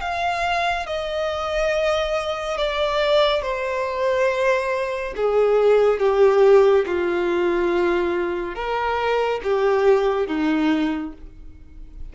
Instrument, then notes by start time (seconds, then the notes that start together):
violin
0.00 F5
0.86 D#5
2.57 D5
3.42 C5
5.16 G#4
5.99 G4
6.85 F4
8.55 A#4
9.43 G4
10.27 D#4